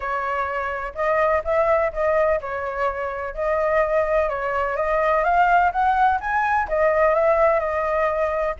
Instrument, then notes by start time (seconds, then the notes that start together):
flute
0.00 C#5
0.94 D#5
1.44 E5
1.93 D#5
2.40 C#5
3.34 D#5
4.29 C#5
4.76 D#5
5.24 F5
5.72 F#5
6.20 G#5
6.68 D#5
7.14 E5
7.59 D#5